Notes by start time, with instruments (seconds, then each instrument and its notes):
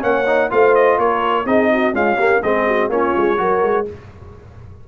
0.00 tuba A#3, trombone C#4, horn C#5, trumpet F#5
0.26 trombone D#4
0.50 tuba A3, trombone F4, horn C5, trumpet F5
0.75 trumpet D#5
0.98 tuba A#3, horn A#4, trumpet C#5
1.45 tuba C4, trombone D#4, horn G#4, trumpet D#5
1.72 horn F#4
1.93 trombone G#3, tuba C#4, horn F4, trumpet F5
2.17 trombone A#3, horn G4
2.42 tuba G#3, trombone C4, horn G#4, trumpet D#5
2.67 horn F#4
2.89 tuba A#3, trombone C#4, horn F4, trumpet C#5
3.16 tuba G#3
3.37 tuba F#3, trombone F#4, horn A#4
3.62 tuba G#3